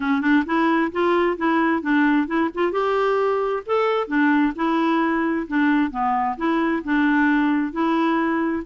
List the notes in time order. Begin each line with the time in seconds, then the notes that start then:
0.00 C#4
0.21 D4
0.45 E4
0.92 F4
1.37 E4
1.82 D4
2.27 E4
2.54 F4
2.72 G4
3.65 A4
4.07 D4
4.55 E4
5.47 D4
5.90 B3
6.37 E4
6.83 D4
7.72 E4